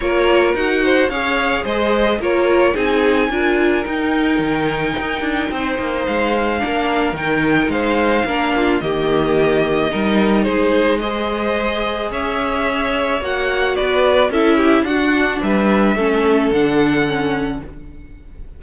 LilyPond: <<
  \new Staff \with { instrumentName = "violin" } { \time 4/4 \tempo 4 = 109 cis''4 fis''4 f''4 dis''4 | cis''4 gis''2 g''4~ | g''2. f''4~ | f''4 g''4 f''2 |
dis''2. c''4 | dis''2 e''2 | fis''4 d''4 e''4 fis''4 | e''2 fis''2 | }
  \new Staff \with { instrumentName = "violin" } { \time 4/4 ais'4. c''8 cis''4 c''4 | ais'4 gis'4 ais'2~ | ais'2 c''2 | ais'2 c''4 ais'8 f'8 |
g'2 ais'4 gis'4 | c''2 cis''2~ | cis''4 b'4 a'8 g'8 fis'4 | b'4 a'2. | }
  \new Staff \with { instrumentName = "viola" } { \time 4/4 f'4 fis'4 gis'2 | f'4 dis'4 f'4 dis'4~ | dis'1 | d'4 dis'2 d'4 |
ais2 dis'2 | gis'1 | fis'2 e'4 d'4~ | d'4 cis'4 d'4 cis'4 | }
  \new Staff \with { instrumentName = "cello" } { \time 4/4 ais4 dis'4 cis'4 gis4 | ais4 c'4 d'4 dis'4 | dis4 dis'8 d'8 c'8 ais8 gis4 | ais4 dis4 gis4 ais4 |
dis2 g4 gis4~ | gis2 cis'2 | ais4 b4 cis'4 d'4 | g4 a4 d2 | }
>>